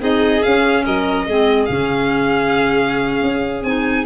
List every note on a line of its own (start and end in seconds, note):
0.00 0.43 C4
0.00 0.41 D#4
0.00 0.85 G#4
0.00 0.43 D#5
0.43 0.86 C#4
0.43 1.29 C#4
0.43 0.84 F5
0.85 1.27 F#3
0.85 1.26 A#4
0.85 1.66 D#5
1.27 1.69 G#3
1.27 1.68 C4
1.27 4.06 G#4
1.66 3.22 C#3
1.66 3.64 C#4
1.66 3.63 F5
3.22 3.64 C#4
3.64 4.06 C4
3.64 4.06 D#4
3.64 4.05 G#5